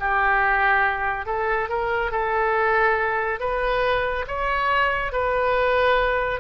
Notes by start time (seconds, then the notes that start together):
0.00 G4
1.26 A4
1.69 A#4
2.12 A4
3.40 B4
4.27 C#5
5.12 B4